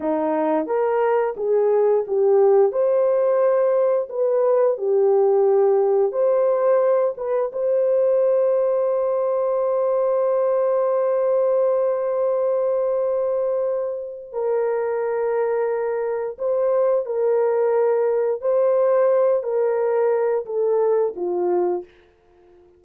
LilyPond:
\new Staff \with { instrumentName = "horn" } { \time 4/4 \tempo 4 = 88 dis'4 ais'4 gis'4 g'4 | c''2 b'4 g'4~ | g'4 c''4. b'8 c''4~ | c''1~ |
c''1~ | c''4 ais'2. | c''4 ais'2 c''4~ | c''8 ais'4. a'4 f'4 | }